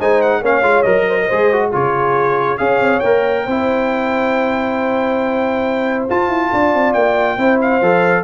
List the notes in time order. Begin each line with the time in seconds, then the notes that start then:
0.00 G#3 D#4 C5 G#5
0.22 F#5
0.41 A#3 C#4 C#5 F5
0.62 G#3 F4
0.83 F#3 A#4 D#5
1.09 C5
1.21 A#4
1.27 G#3 G#4 C5
1.52 F#4
1.73 C#3 F4 G#4 C#5
2.58 C#4 G#4 C#5 F5
2.81 C4
3.00 A#3 A#4 G5
3.44 C4 E4 C5
6.09 F4 A5
6.29 E4
6.53 D4 D5
6.74 C4
6.94 A#3 G5
7.37 C4 E4 C5
7.61 F5
7.82 F3 A4